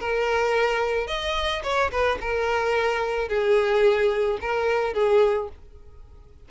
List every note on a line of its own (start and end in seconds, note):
0.00 1.07 A#4
1.07 1.62 D#5
1.63 1.90 C#5
1.91 2.18 B4
2.21 3.28 A#4
3.28 4.38 G#4
4.41 4.93 A#4
4.93 5.48 G#4